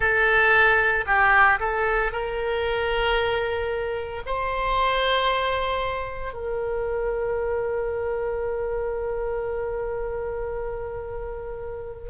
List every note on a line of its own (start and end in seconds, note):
0.00 1.05 A4
1.06 1.59 G4
1.59 2.11 A4
2.11 4.22 A#4
4.25 6.33 C5
6.33 12.09 A#4